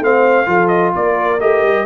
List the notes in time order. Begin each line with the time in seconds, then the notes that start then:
0.00 A3 C4 C5 F5
0.46 F3 F4 A4
0.68 D#5
0.96 A#3 A#4 D5
1.40 A3 G4 D#5
1.63 G3